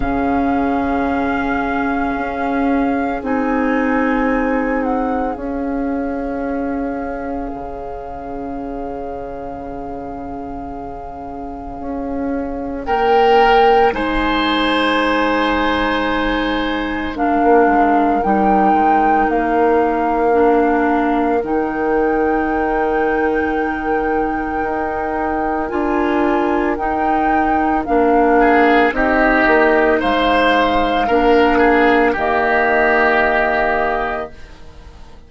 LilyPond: <<
  \new Staff \with { instrumentName = "flute" } { \time 4/4 \tempo 4 = 56 f''2. gis''4~ | gis''8 fis''8 f''2.~ | f''1 | g''4 gis''2. |
f''4 g''4 f''2 | g''1 | gis''4 g''4 f''4 dis''4 | f''2 dis''2 | }
  \new Staff \with { instrumentName = "oboe" } { \time 4/4 gis'1~ | gis'1~ | gis'1 | ais'4 c''2. |
ais'1~ | ais'1~ | ais'2~ ais'8 gis'8 g'4 | c''4 ais'8 gis'8 g'2 | }
  \new Staff \with { instrumentName = "clarinet" } { \time 4/4 cis'2. dis'4~ | dis'4 cis'2.~ | cis'1~ | cis'4 dis'2. |
d'4 dis'2 d'4 | dis'1 | f'4 dis'4 d'4 dis'4~ | dis'4 d'4 ais2 | }
  \new Staff \with { instrumentName = "bassoon" } { \time 4/4 cis2 cis'4 c'4~ | c'4 cis'2 cis4~ | cis2. cis'4 | ais4 gis2.~ |
gis16 ais16 gis8 g8 gis8 ais2 | dis2. dis'4 | d'4 dis'4 ais4 c'8 ais8 | gis4 ais4 dis2 | }
>>